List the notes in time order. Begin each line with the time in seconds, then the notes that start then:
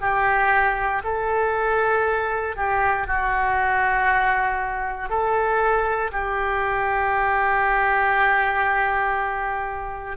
0.00 G4
1.04 A4
2.56 G4
3.07 F#4
5.09 A4
6.12 G4